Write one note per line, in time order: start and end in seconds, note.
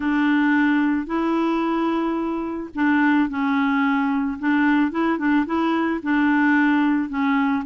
0.00 1.06 D4
1.06 2.70 E4
2.74 3.29 D4
3.29 4.38 C#4
4.39 4.91 D4
4.91 5.18 E4
5.18 5.45 D4
5.45 6.00 E4
6.02 7.09 D4
7.09 7.63 C#4